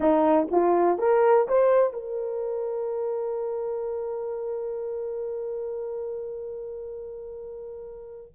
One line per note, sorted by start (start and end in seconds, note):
0.00 0.48 D#4
0.51 0.98 F4
0.98 1.47 A#4
1.48 1.93 C5
1.93 8.32 A#4